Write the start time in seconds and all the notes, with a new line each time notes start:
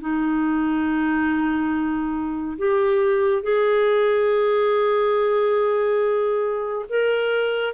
0.00 D#4
2.58 G4
3.42 G#4
6.89 A#4